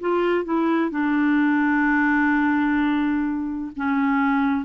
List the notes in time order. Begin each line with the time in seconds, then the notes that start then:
0.00 F4
0.44 E4
0.90 D4
3.76 C#4